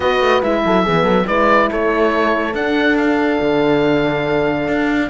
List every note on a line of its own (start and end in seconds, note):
0.00 0.20 B3
0.00 0.42 F#4
0.00 0.62 B4
0.00 0.42 D#5
0.20 0.41 A3
0.42 0.64 G#3
0.42 0.85 E4
0.42 1.27 E5
0.65 0.86 F#3
0.65 0.83 A4
0.83 1.03 E3
0.83 1.25 B3
0.83 1.03 G#4
1.03 1.24 F#3
1.03 1.25 A4
1.25 1.70 G#3
1.25 2.53 E4
1.25 1.70 B4
1.25 1.69 D5
1.70 2.54 A3
1.70 5.10 A4
1.70 2.54 C#5
2.54 3.39 D4
2.54 5.10 D4
2.54 2.97 F#5
2.97 5.09 F5
3.41 4.68 D3
4.68 5.10 D4